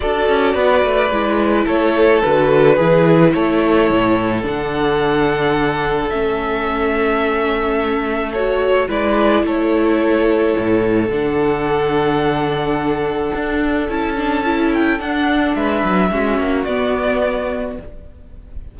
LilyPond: <<
  \new Staff \with { instrumentName = "violin" } { \time 4/4 \tempo 4 = 108 d''2. cis''4 | b'2 cis''2 | fis''2. e''4~ | e''2. cis''4 |
d''4 cis''2. | fis''1~ | fis''4 a''4. g''8 fis''4 | e''2 d''2 | }
  \new Staff \with { instrumentName = "violin" } { \time 4/4 a'4 b'2 a'4~ | a'4 gis'4 a'2~ | a'1~ | a'1 |
b'4 a'2.~ | a'1~ | a'1 | b'4 fis'2. | }
  \new Staff \with { instrumentName = "viola" } { \time 4/4 fis'2 e'2 | fis'4 e'2. | d'2. cis'4~ | cis'2. fis'4 |
e'1 | d'1~ | d'4 e'8 d'8 e'4 d'4~ | d'4 cis'4 b2 | }
  \new Staff \with { instrumentName = "cello" } { \time 4/4 d'8 cis'8 b8 a8 gis4 a4 | d4 e4 a4 a,4 | d2. a4~ | a1 |
gis4 a2 a,4 | d1 | d'4 cis'2 d'4 | gis8 fis8 gis8 ais8 b2 | }
>>